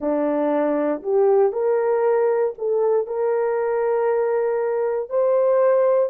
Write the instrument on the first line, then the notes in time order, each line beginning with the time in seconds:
horn
0.00 D4
1.02 G4
1.52 A#4
2.57 A4
3.06 A#4
5.09 C5